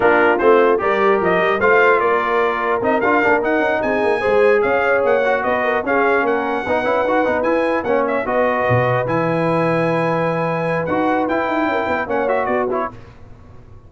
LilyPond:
<<
  \new Staff \with { instrumentName = "trumpet" } { \time 4/4 \tempo 4 = 149 ais'4 c''4 d''4 dis''4 | f''4 d''2 dis''8 f''8~ | f''8 fis''4 gis''2 f''8~ | f''8 fis''4 dis''4 f''4 fis''8~ |
fis''2~ fis''8 gis''4 fis''8 | e''8 dis''2 gis''4.~ | gis''2. fis''4 | g''2 fis''8 e''8 d''8 cis''8 | }
  \new Staff \with { instrumentName = "horn" } { \time 4/4 f'2 ais'2 | c''4 ais'2.~ | ais'4. gis'4 c''4 cis''8~ | cis''4. b'8 ais'8 gis'4 ais'8~ |
ais'8 b'2. cis''8~ | cis''8 b'2.~ b'8~ | b'1~ | b'4 ais'8 b'8 cis''4 fis'4 | }
  \new Staff \with { instrumentName = "trombone" } { \time 4/4 d'4 c'4 g'2 | f'2. dis'8 f'8 | d'8 dis'2 gis'4.~ | gis'4 fis'4. cis'4.~ |
cis'8 dis'8 e'8 fis'8 dis'8 e'4 cis'8~ | cis'8 fis'2 e'4.~ | e'2. fis'4 | e'2 cis'8 fis'4 e'8 | }
  \new Staff \with { instrumentName = "tuba" } { \time 4/4 ais4 a4 g4 f8 g8 | a4 ais2 c'8 d'8 | ais8 dis'8 cis'8 c'8 ais8 gis4 cis'8~ | cis'8 ais4 b4 cis'4 ais8~ |
ais8 b8 cis'8 dis'8 b8 e'4 ais8~ | ais8 b4 b,4 e4.~ | e2. dis'4 | e'8 dis'8 cis'8 b8 ais4 b4 | }
>>